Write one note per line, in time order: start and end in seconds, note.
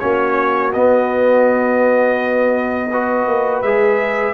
0.00 0.75 A#3
0.00 0.73 C#4
0.00 2.90 F#4
0.00 0.72 C#5
0.73 2.91 B3
0.73 3.27 B3
0.73 3.62 D#5
2.90 3.65 F#4
2.90 4.34 B4
3.27 3.62 A#3
3.62 4.34 G#3
3.62 4.34 G#4
3.62 4.34 E5